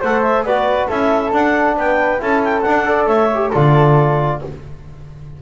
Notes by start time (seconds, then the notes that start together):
0.00 A3 A4 C5 F#5
0.22 E5
0.43 B3 F#4 B4 D5
0.87 C#4 E4 A4 E5
1.31 D4 F#5
1.76 B3 B4 G5
2.18 C#4 E4 A4 A5
2.43 G5
2.61 D4 F#5
2.85 A4 D5
3.06 A3 C#5 E5
3.34 G4
3.51 D3 F4 A4 D5